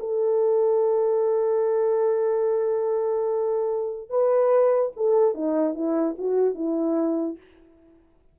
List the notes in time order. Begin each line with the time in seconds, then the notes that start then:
0.00 A4
4.10 B4
4.97 A4
5.34 D#4
5.75 E4
6.18 F#4
6.55 E4